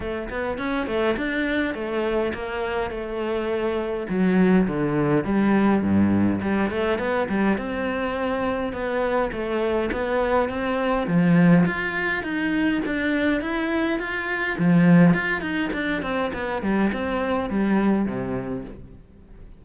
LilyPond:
\new Staff \with { instrumentName = "cello" } { \time 4/4 \tempo 4 = 103 a8 b8 cis'8 a8 d'4 a4 | ais4 a2 fis4 | d4 g4 g,4 g8 a8 | b8 g8 c'2 b4 |
a4 b4 c'4 f4 | f'4 dis'4 d'4 e'4 | f'4 f4 f'8 dis'8 d'8 c'8 | b8 g8 c'4 g4 c4 | }